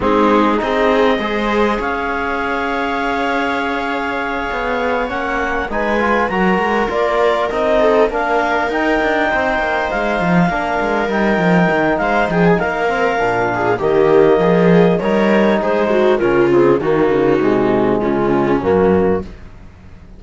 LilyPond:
<<
  \new Staff \with { instrumentName = "clarinet" } { \time 4/4 \tempo 4 = 100 gis'4 dis''2 f''4~ | f''1~ | f''8 fis''4 gis''4 ais''4 d''8~ | d''8 dis''4 f''4 g''4.~ |
g''8 f''2 g''4. | f''8 g''16 gis''16 f''2 dis''4~ | dis''4 cis''4 c''4 ais'8 gis'8 | fis'2 f'4 fis'4 | }
  \new Staff \with { instrumentName = "viola" } { \time 4/4 dis'4 gis'4 c''4 cis''4~ | cis''1~ | cis''4. b'4 ais'4.~ | ais'4 a'8 ais'2 c''8~ |
c''4. ais'2~ ais'8 | c''8 gis'8 ais'4. gis'8 g'4 | gis'4 ais'4 gis'8 fis'8 f'4 | dis'2 cis'2 | }
  \new Staff \with { instrumentName = "trombone" } { \time 4/4 c'4 dis'4 gis'2~ | gis'1~ | gis'8 cis'4 dis'8 f'8 fis'4 f'8~ | f'8 dis'4 d'4 dis'4.~ |
dis'4. d'4 dis'4.~ | dis'4. c'8 d'4 ais4~ | ais4 dis'2 cis'8 c'8 | ais4 gis2 ais4 | }
  \new Staff \with { instrumentName = "cello" } { \time 4/4 gis4 c'4 gis4 cis'4~ | cis'2.~ cis'8 b8~ | b8 ais4 gis4 fis8 gis8 ais8~ | ais8 c'4 ais4 dis'8 d'8 c'8 |
ais8 gis8 f8 ais8 gis8 g8 f8 dis8 | gis8 f8 ais4 ais,4 dis4 | f4 g4 gis4 cis4 | dis8 cis8 c4 cis4 fis,4 | }
>>